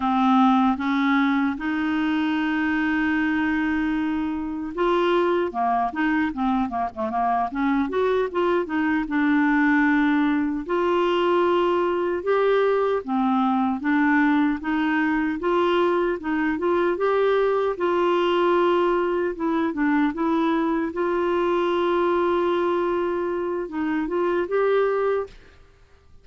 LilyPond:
\new Staff \with { instrumentName = "clarinet" } { \time 4/4 \tempo 4 = 76 c'4 cis'4 dis'2~ | dis'2 f'4 ais8 dis'8 | c'8 ais16 a16 ais8 cis'8 fis'8 f'8 dis'8 d'8~ | d'4. f'2 g'8~ |
g'8 c'4 d'4 dis'4 f'8~ | f'8 dis'8 f'8 g'4 f'4.~ | f'8 e'8 d'8 e'4 f'4.~ | f'2 dis'8 f'8 g'4 | }